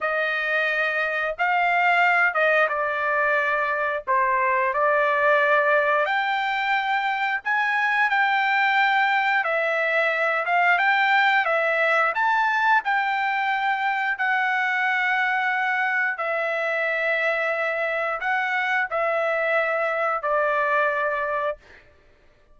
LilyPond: \new Staff \with { instrumentName = "trumpet" } { \time 4/4 \tempo 4 = 89 dis''2 f''4. dis''8 | d''2 c''4 d''4~ | d''4 g''2 gis''4 | g''2 e''4. f''8 |
g''4 e''4 a''4 g''4~ | g''4 fis''2. | e''2. fis''4 | e''2 d''2 | }